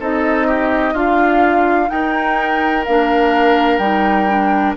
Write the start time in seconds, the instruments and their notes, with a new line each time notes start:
0.00 bassoon C4, clarinet D#4, oboe A4, flute D#5
0.47 oboe G4
0.94 bassoon D4, oboe F4, clarinet F4, flute F5
1.87 clarinet D#4, bassoon D#4, oboe A#4, flute G5
2.85 bassoon A#3, clarinet D4, flute F5
3.78 bassoon G3, clarinet D#4, flute G5
4.29 clarinet D4